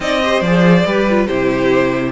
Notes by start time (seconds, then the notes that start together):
0.00 C4 D#4 D5 D#5
0.22 G4 C5
0.40 F3 G#4 D5
0.85 G3 G4 B4
1.10 F4
1.26 C3 E4 G4 C5